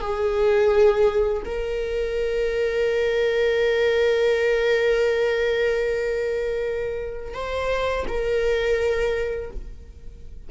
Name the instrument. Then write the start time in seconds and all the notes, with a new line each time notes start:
viola
0.00 G#4
1.45 A#4
7.33 C5
8.07 A#4